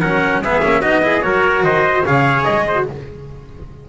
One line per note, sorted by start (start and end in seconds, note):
0.00 0.39 F#3
0.00 0.44 C#4
0.00 0.41 A#4
0.00 0.41 F#5
0.39 0.59 G#3
0.39 0.62 B3
0.39 0.80 G#4
0.39 0.81 E5
0.62 0.83 A#3
0.62 0.82 C#4
0.80 1.24 B3
0.80 1.02 D#4
0.80 1.01 F#4
0.80 1.22 D#5
1.02 1.21 E4
1.02 1.25 G#4
1.21 1.63 F#3
1.21 2.02 F#4
1.21 1.64 A#4
1.21 1.63 C#5
1.63 2.04 D#3
1.63 2.05 C5
1.63 2.04 D#5
2.04 2.45 C#3
2.04 2.75 G#4
2.04 2.66 C#5
2.04 2.43 F5
2.43 2.89 G#3
2.43 2.84 D#5
2.66 2.87 C5
2.75 2.85 F#4